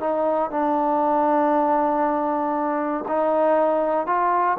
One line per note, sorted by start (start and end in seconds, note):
0.00 0.51 D#4
0.51 3.05 D4
3.08 4.07 D#4
4.07 4.57 F4